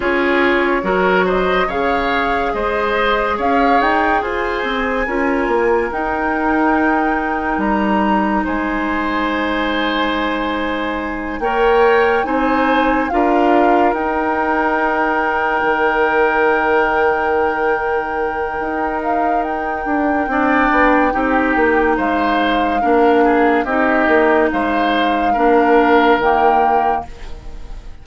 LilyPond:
<<
  \new Staff \with { instrumentName = "flute" } { \time 4/4 \tempo 4 = 71 cis''4. dis''8 f''4 dis''4 | f''8 g''8 gis''2 g''4~ | g''4 ais''4 gis''2~ | gis''4. g''4 gis''4 f''8~ |
f''8 g''2.~ g''8~ | g''2~ g''8 f''8 g''4~ | g''2 f''2 | dis''4 f''2 g''4 | }
  \new Staff \with { instrumentName = "oboe" } { \time 4/4 gis'4 ais'8 c''8 cis''4 c''4 | cis''4 c''4 ais'2~ | ais'2 c''2~ | c''4. cis''4 c''4 ais'8~ |
ais'1~ | ais'1 | d''4 g'4 c''4 ais'8 gis'8 | g'4 c''4 ais'2 | }
  \new Staff \with { instrumentName = "clarinet" } { \time 4/4 f'4 fis'4 gis'2~ | gis'2 f'4 dis'4~ | dis'1~ | dis'4. ais'4 dis'4 f'8~ |
f'8 dis'2.~ dis'8~ | dis'1 | d'4 dis'2 d'4 | dis'2 d'4 ais4 | }
  \new Staff \with { instrumentName = "bassoon" } { \time 4/4 cis'4 fis4 cis4 gis4 | cis'8 dis'8 f'8 c'8 cis'8 ais8 dis'4~ | dis'4 g4 gis2~ | gis4. ais4 c'4 d'8~ |
d'8 dis'2 dis4.~ | dis2 dis'4. d'8 | c'8 b8 c'8 ais8 gis4 ais4 | c'8 ais8 gis4 ais4 dis4 | }
>>